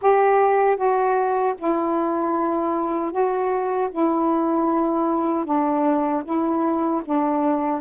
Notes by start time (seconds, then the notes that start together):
0.01 G4
0.76 F#4
1.58 E4
3.11 F#4
3.91 E4
5.45 D4
6.24 E4
7.04 D4